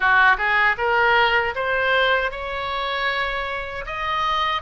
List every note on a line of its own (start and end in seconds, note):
0.00 0.36 F#4
0.37 0.76 G#4
0.77 1.54 A#4
1.55 2.31 C5
2.31 3.85 C#5
3.86 4.62 D#5